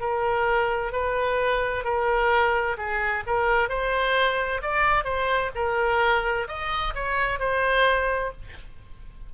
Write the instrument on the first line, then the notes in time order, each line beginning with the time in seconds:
oboe
0.00 A#4
0.92 B4
1.84 A#4
2.77 G#4
3.26 A#4
3.69 C5
4.62 D5
5.04 C5
5.55 A#4
6.48 D#5
6.95 C#5
7.39 C5